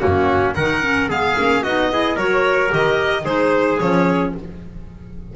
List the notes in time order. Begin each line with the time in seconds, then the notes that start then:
0.00 F#2 A#3 C#4 F#4
0.55 D#3 D#4 A#4 F#5
0.82 C#4
1.08 G#3 B3 G#4 F5
1.37 A#3 C#4
1.63 B3 D#4 F#4 D#5
1.92 E4 G#4
2.15 F#3 F#4 A#4 C#5
2.68 D#3 G4 D#5
3.25 G#3 D#4 G#4 C5
3.79 F3 C#4 C#5